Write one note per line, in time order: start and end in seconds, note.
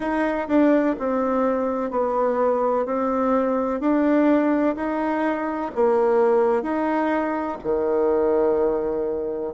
0.00 0.47 D#4
0.48 0.95 D4
0.98 1.90 C4
1.90 2.85 B3
2.85 3.80 C4
3.80 4.75 D4
4.76 5.71 D#4
5.74 6.62 A#3
6.62 7.57 D#4
7.63 9.54 D#3